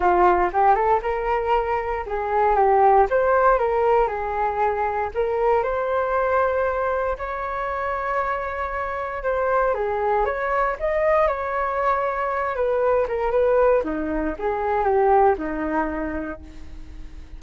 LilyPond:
\new Staff \with { instrumentName = "flute" } { \time 4/4 \tempo 4 = 117 f'4 g'8 a'8 ais'2 | gis'4 g'4 c''4 ais'4 | gis'2 ais'4 c''4~ | c''2 cis''2~ |
cis''2 c''4 gis'4 | cis''4 dis''4 cis''2~ | cis''8 b'4 ais'8 b'4 dis'4 | gis'4 g'4 dis'2 | }